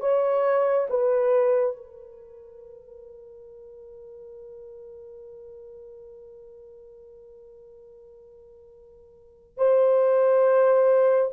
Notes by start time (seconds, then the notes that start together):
0.00 C#5
0.90 B4
1.76 A#4
9.57 C5